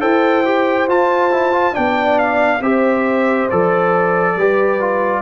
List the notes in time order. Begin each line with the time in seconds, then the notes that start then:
0.00 E4 A4 C5 G5
0.45 G4
0.88 F4 A5
1.31 E4
1.52 F4
1.72 B3 D4 D5 G5
2.18 F5
2.61 C4 G4 C5 E5
3.49 F3 A4 D5
4.35 G3 G4 B4
4.80 F4